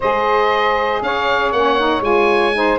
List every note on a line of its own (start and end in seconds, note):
0.00 1.01 G#3
0.00 1.54 G#4
0.00 1.02 C5
0.00 1.02 D#5
1.01 1.52 C#4
1.01 2.57 C#5
1.01 1.52 F5
1.52 2.00 A#3
1.52 1.78 C#4
1.52 2.02 F#5
1.78 2.01 D#4
2.00 2.76 G#3
2.00 2.52 F4
2.00 2.79 G#5
2.53 2.79 D#4
2.53 2.79 C5